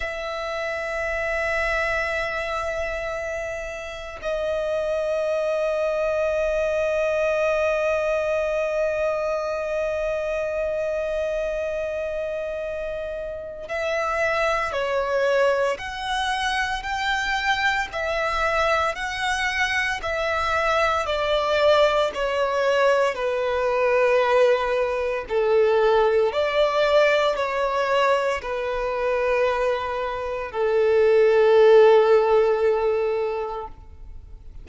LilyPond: \new Staff \with { instrumentName = "violin" } { \time 4/4 \tempo 4 = 57 e''1 | dis''1~ | dis''1~ | dis''4 e''4 cis''4 fis''4 |
g''4 e''4 fis''4 e''4 | d''4 cis''4 b'2 | a'4 d''4 cis''4 b'4~ | b'4 a'2. | }